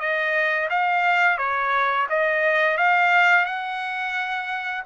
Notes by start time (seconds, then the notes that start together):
0.00 D#5
0.70 F5
1.38 C#5
2.10 D#5
2.78 F5
3.46 F#5